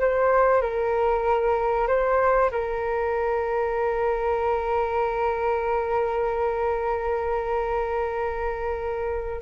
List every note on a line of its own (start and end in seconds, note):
0.00 0.62 C5
0.62 1.87 A#4
1.87 2.51 C5
2.51 9.42 A#4